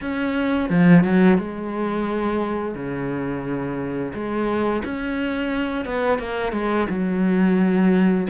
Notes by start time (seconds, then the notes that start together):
0.01 C#4
0.69 F3
1.03 F#3
1.38 G#3
2.74 C#3
4.13 G#3
4.84 C#4
5.85 B3
6.18 A#3
6.52 G#3
6.89 F#3